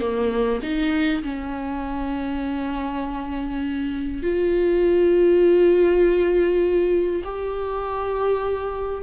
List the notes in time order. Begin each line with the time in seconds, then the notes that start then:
0.00 A#3
0.62 D#4
1.22 C#4
4.22 F4
7.24 G4